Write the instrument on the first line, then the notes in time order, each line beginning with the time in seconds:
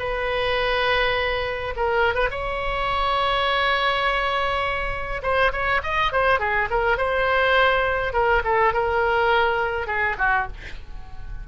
oboe
0.00 B4
1.77 A#4
2.15 B4
2.31 C#5
5.23 C5
5.53 C#5
5.84 D#5
6.13 C5
6.40 G#4
6.71 A#4
6.98 C5
8.13 A#4
8.45 A4
8.74 A#4
9.88 G#4
10.19 F#4